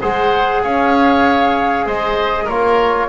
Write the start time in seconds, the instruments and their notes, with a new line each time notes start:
0.00 double bass G#3, trombone G#4, oboe C5, flute F#5
0.63 double bass C#4, oboe C#5, flute F5
1.86 double bass G#3, oboe C5, flute D#5
2.44 double bass A#3, trombone F4, oboe A#4, flute C#5